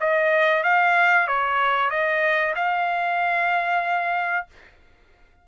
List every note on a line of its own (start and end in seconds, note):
0.00 0.64 D#5
0.64 1.27 F5
1.27 1.90 C#5
1.90 2.54 D#5
2.55 4.47 F5